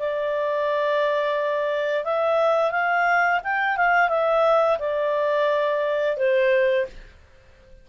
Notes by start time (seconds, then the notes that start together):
0.00 D5
2.05 E5
2.71 F5
3.44 G5
3.77 F5
4.09 E5
4.79 D5
6.17 C5